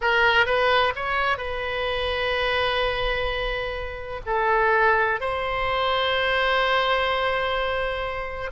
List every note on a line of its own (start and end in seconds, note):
0.01 0.46 A#4
0.46 0.93 B4
0.95 1.37 C#5
1.37 4.20 B4
4.26 5.20 A4
5.20 8.51 C5